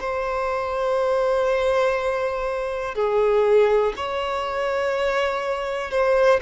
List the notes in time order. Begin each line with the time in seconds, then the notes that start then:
0.00 C5
2.95 G#4
3.97 C#5
5.91 C5